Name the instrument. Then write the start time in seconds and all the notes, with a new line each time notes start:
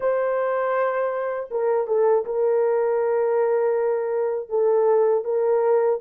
horn
0.00 C5
1.50 A#4
1.87 A4
2.25 A#4
4.49 A4
5.24 A#4